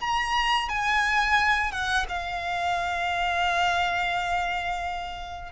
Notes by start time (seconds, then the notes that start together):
0.00 A#5
0.69 G#5
1.71 F#5
2.08 F5